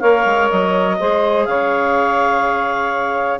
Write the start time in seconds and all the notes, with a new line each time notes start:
0.00 A#3 A#4 C#5 F5
0.25 G#3
0.49 F#3 D#5
0.99 G#3 G#4 C5
1.45 C#3 C#5 F5